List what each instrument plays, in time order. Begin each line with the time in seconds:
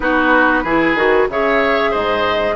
0.00 bassoon B3, clarinet D#4, oboe F#4, flute B4
0.63 bassoon E3, clarinet E4, oboe G#4
0.95 bassoon D#3, clarinet F#4
1.28 bassoon C#3, clarinet G#4, oboe C#5, flute E5
1.90 bassoon G#2, oboe C5, flute D#5